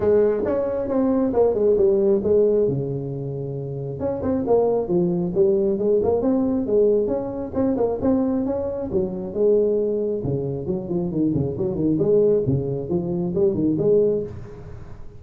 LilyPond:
\new Staff \with { instrumentName = "tuba" } { \time 4/4 \tempo 4 = 135 gis4 cis'4 c'4 ais8 gis8 | g4 gis4 cis2~ | cis4 cis'8 c'8 ais4 f4 | g4 gis8 ais8 c'4 gis4 |
cis'4 c'8 ais8 c'4 cis'4 | fis4 gis2 cis4 | fis8 f8 dis8 cis8 fis8 dis8 gis4 | cis4 f4 g8 dis8 gis4 | }